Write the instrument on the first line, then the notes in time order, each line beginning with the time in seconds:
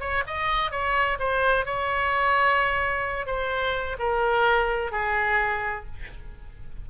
oboe
0.00 C#5
0.27 D#5
0.71 C#5
1.19 C5
1.66 C#5
3.27 C5
3.99 A#4
4.92 G#4